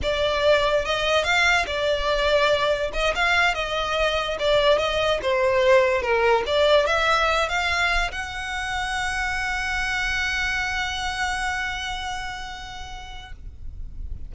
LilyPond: \new Staff \with { instrumentName = "violin" } { \time 4/4 \tempo 4 = 144 d''2 dis''4 f''4 | d''2. dis''8 f''8~ | f''8 dis''2 d''4 dis''8~ | dis''8 c''2 ais'4 d''8~ |
d''8 e''4. f''4. fis''8~ | fis''1~ | fis''1~ | fis''1 | }